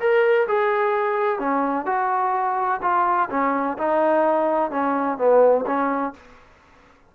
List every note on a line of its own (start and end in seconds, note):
0.00 0.47 A#4
0.48 1.39 G#4
1.39 1.86 C#4
1.86 2.81 F#4
2.82 3.29 F4
3.30 3.78 C#4
3.78 4.72 D#4
4.72 5.18 C#4
5.18 5.65 B3
5.66 6.14 C#4